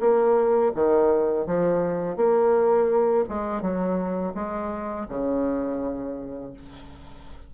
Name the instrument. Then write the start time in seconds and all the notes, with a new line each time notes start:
bassoon
0.00 A#3
0.75 D#3
1.47 F3
2.17 A#3
3.29 G#3
3.62 F#3
4.35 G#3
5.09 C#3